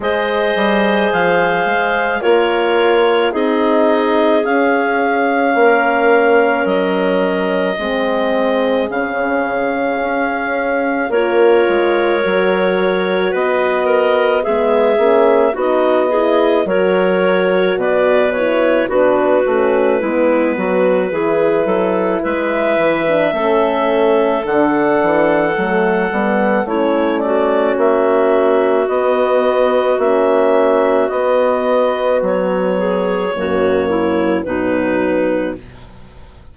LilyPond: <<
  \new Staff \with { instrumentName = "clarinet" } { \time 4/4 \tempo 4 = 54 dis''4 f''4 cis''4 dis''4 | f''2 dis''2 | f''2 cis''2 | dis''4 e''4 dis''4 cis''4 |
d''8 cis''8 b'2. | e''2 fis''2 | cis''8 d''8 e''4 dis''4 e''4 | dis''4 cis''2 b'4 | }
  \new Staff \with { instrumentName = "clarinet" } { \time 4/4 c''2 ais'4 gis'4~ | gis'4 ais'2 gis'4~ | gis'2 ais'2 | b'8 ais'8 gis'4 fis'8 gis'8 ais'4 |
b'4 fis'4 e'8 fis'8 gis'8 a'8 | b'4 a'2. | e'8 fis'2.~ fis'8~ | fis'4. gis'8 fis'8 e'8 dis'4 | }
  \new Staff \with { instrumentName = "horn" } { \time 4/4 gis'2 f'4 dis'4 | cis'2. c'4 | cis'2 f'4 fis'4~ | fis'4 b8 cis'8 dis'8 e'8 fis'4~ |
fis'8 e'8 d'8 cis'8 b4 e'4~ | e'8. d'16 cis'4 d'4 a8 b8 | cis'2 b4 cis'4 | b2 ais4 fis4 | }
  \new Staff \with { instrumentName = "bassoon" } { \time 4/4 gis8 g8 f8 gis8 ais4 c'4 | cis'4 ais4 fis4 gis4 | cis4 cis'4 ais8 gis8 fis4 | b4 gis8 ais8 b4 fis4 |
b,4 b8 a8 gis8 fis8 e8 fis8 | gis8 e8 a4 d8 e8 fis8 g8 | a4 ais4 b4 ais4 | b4 fis4 fis,4 b,4 | }
>>